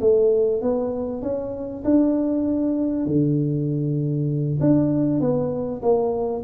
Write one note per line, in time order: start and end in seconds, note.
0.00 0.61 A3
0.62 1.22 B3
1.22 1.83 C#4
1.84 3.06 D4
3.06 4.59 D3
4.60 5.20 D4
5.20 5.81 B3
5.82 6.43 A#3